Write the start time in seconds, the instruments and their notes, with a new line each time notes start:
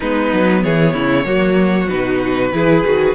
0.00 cello G#3, viola B3, violin D#4 B4
0.32 cello F#3
0.63 cello E3, violin G#4 C#5
0.93 cello C#3, violin E4
1.24 cello F#3, viola A#3, violin F#4
1.88 cello B2, viola D#4, violin B4
2.52 cello E3, viola E4, violin G#4
2.84 cello D#3, viola F#4